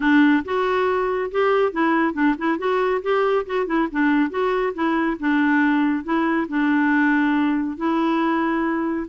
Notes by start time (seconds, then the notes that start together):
0.00 D4
0.44 F#4
1.31 G4
1.72 E4
2.13 D4
2.37 E4
2.58 F#4
3.02 G4
3.46 F#4
3.66 E4
3.91 D4
4.30 F#4
4.74 E4
5.19 D4
6.04 E4
6.48 D4
7.77 E4